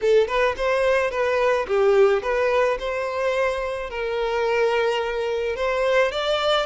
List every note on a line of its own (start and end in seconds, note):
0.01 0.27 A4
0.27 0.55 B4
0.57 1.11 C5
1.11 1.66 B4
1.67 2.22 G4
2.22 2.78 B4
2.79 3.90 C5
3.90 5.56 A#4
5.56 6.11 C5
6.11 6.66 D5